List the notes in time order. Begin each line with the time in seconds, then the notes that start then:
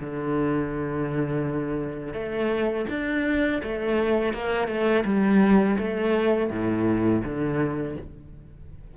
0.00 D3
2.13 A3
2.89 D4
3.63 A3
4.33 A#3
4.68 A3
5.05 G3
5.78 A3
6.50 A2
7.25 D3